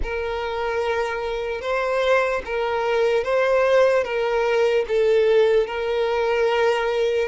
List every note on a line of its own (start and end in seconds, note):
0.03 1.61 A#4
1.61 2.42 C5
2.45 3.24 A#4
3.24 4.04 C5
4.04 4.85 A#4
4.88 5.66 A4
5.66 7.28 A#4